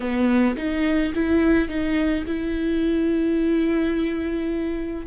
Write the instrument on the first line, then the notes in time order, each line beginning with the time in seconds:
viola
0.00 B3
0.57 D#4
1.14 E4
1.68 D#4
2.26 E4